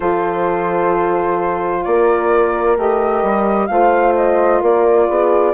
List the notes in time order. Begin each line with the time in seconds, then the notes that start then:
0.00 F3 F4 A4 C5
1.84 A#3 A#4 D5
2.76 A3 G4 D#5
3.22 G3
3.66 A3 F4 C5 F5
4.15 D#5
4.61 A#3 A#4 D5
5.08 B3 G#4